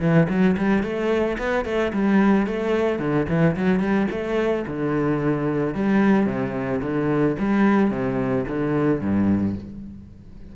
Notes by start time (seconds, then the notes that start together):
0.00 E3
0.29 F#3
0.57 G3
0.83 A3
1.38 B3
1.65 A3
1.93 G3
2.46 A3
2.99 D3
3.28 E3
3.56 F#3
3.80 G3
4.11 A3
4.67 D3
5.74 G3
6.26 C3
6.82 D3
7.39 G3
7.90 C3
8.48 D3
9.01 G2